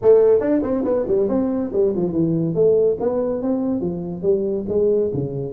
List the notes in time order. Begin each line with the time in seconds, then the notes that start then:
0.02 A3
0.40 D4
0.62 C4
0.84 B3
1.07 G3
1.28 C4
1.73 G3
1.96 F3
2.12 E3
2.54 A3
3.00 B3
3.42 C4
3.80 F3
4.22 G3
4.68 G#3
5.13 C#3